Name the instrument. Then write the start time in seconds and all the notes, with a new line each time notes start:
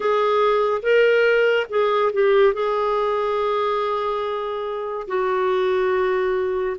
clarinet
0.00 G#4
0.82 A#4
1.69 G#4
2.12 G4
2.53 G#4
5.07 F#4